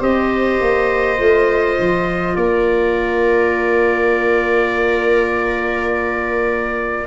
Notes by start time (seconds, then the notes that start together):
0.00 C4 G4 C5 D#5
0.61 A#3
1.17 A3 F4
1.79 F3
2.36 A#3 A#4 D5